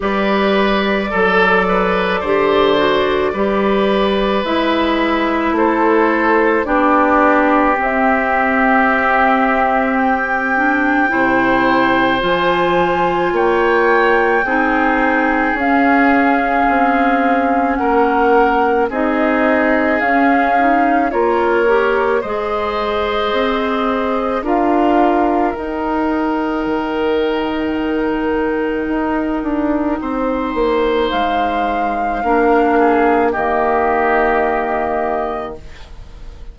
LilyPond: <<
  \new Staff \with { instrumentName = "flute" } { \time 4/4 \tempo 4 = 54 d''1 | e''4 c''4 d''4 e''4~ | e''4 g''2 gis''4 | g''2 f''2 |
fis''4 dis''4 f''4 cis''4 | dis''2 f''4 g''4~ | g''1 | f''2 dis''2 | }
  \new Staff \with { instrumentName = "oboe" } { \time 4/4 b'4 a'8 b'8 c''4 b'4~ | b'4 a'4 g'2~ | g'2 c''2 | cis''4 gis'2. |
ais'4 gis'2 ais'4 | c''2 ais'2~ | ais'2. c''4~ | c''4 ais'8 gis'8 g'2 | }
  \new Staff \with { instrumentName = "clarinet" } { \time 4/4 g'4 a'4 g'8 fis'8 g'4 | e'2 d'4 c'4~ | c'4. d'8 e'4 f'4~ | f'4 dis'4 cis'2~ |
cis'4 dis'4 cis'8 dis'8 f'8 g'8 | gis'2 f'4 dis'4~ | dis'1~ | dis'4 d'4 ais2 | }
  \new Staff \with { instrumentName = "bassoon" } { \time 4/4 g4 fis4 d4 g4 | gis4 a4 b4 c'4~ | c'2 c4 f4 | ais4 c'4 cis'4 c'4 |
ais4 c'4 cis'4 ais4 | gis4 c'4 d'4 dis'4 | dis2 dis'8 d'8 c'8 ais8 | gis4 ais4 dis2 | }
>>